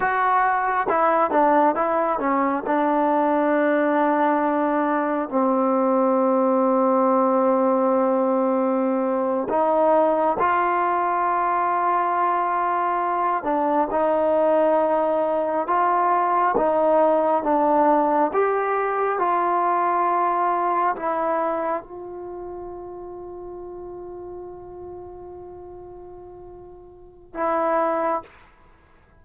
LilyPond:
\new Staff \with { instrumentName = "trombone" } { \time 4/4 \tempo 4 = 68 fis'4 e'8 d'8 e'8 cis'8 d'4~ | d'2 c'2~ | c'2~ c'8. dis'4 f'16~ | f'2.~ f'16 d'8 dis'16~ |
dis'4.~ dis'16 f'4 dis'4 d'16~ | d'8. g'4 f'2 e'16~ | e'8. f'2.~ f'16~ | f'2. e'4 | }